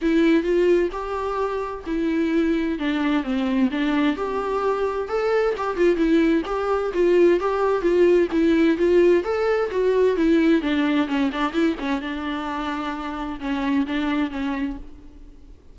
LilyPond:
\new Staff \with { instrumentName = "viola" } { \time 4/4 \tempo 4 = 130 e'4 f'4 g'2 | e'2 d'4 c'4 | d'4 g'2 a'4 | g'8 f'8 e'4 g'4 f'4 |
g'4 f'4 e'4 f'4 | a'4 fis'4 e'4 d'4 | cis'8 d'8 e'8 cis'8 d'2~ | d'4 cis'4 d'4 cis'4 | }